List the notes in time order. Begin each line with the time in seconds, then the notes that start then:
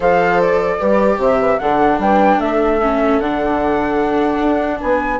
0.00 F3 A4 C5 F5
0.41 D5
0.79 G3 G4 B4
1.17 C3 C5 E5
1.40 B4
1.59 D3 D4 A4 F#5
1.98 G3 B4 G5
2.38 A3 A4 E5
2.81 C#4
3.19 D3 D4 F#5
4.38 D4
4.80 B3 B4 G#5